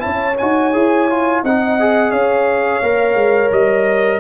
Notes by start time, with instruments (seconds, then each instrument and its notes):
0.00 trombone E4, horn C#5, trumpet A5
0.06 tuba C#4
0.38 tuba D#4, trombone F#4, trumpet G#5
0.74 tuba E4, trombone G#4
1.10 trombone F4
1.44 tuba C4, trombone D#4, horn D#5, trumpet F#5
1.81 trombone G#4
2.11 tuba C#4, horn C#5, trumpet F5
2.83 tuba A#3, trombone A#4
3.15 tuba G#3
3.52 tuba G3, trumpet D#5